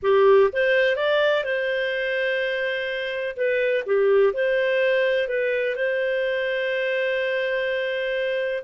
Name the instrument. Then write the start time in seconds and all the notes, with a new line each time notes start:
clarinet
0.02 G4
0.52 C5
0.96 D5
1.44 C5
3.36 B4
3.85 G4
4.33 C5
5.28 B4
5.75 C5